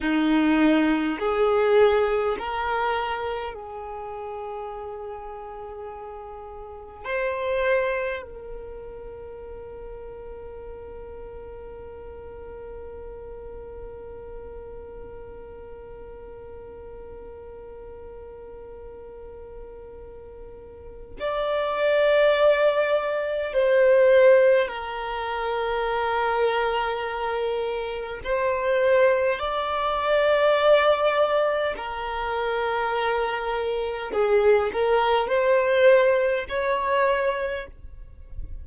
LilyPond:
\new Staff \with { instrumentName = "violin" } { \time 4/4 \tempo 4 = 51 dis'4 gis'4 ais'4 gis'4~ | gis'2 c''4 ais'4~ | ais'1~ | ais'1~ |
ais'2 d''2 | c''4 ais'2. | c''4 d''2 ais'4~ | ais'4 gis'8 ais'8 c''4 cis''4 | }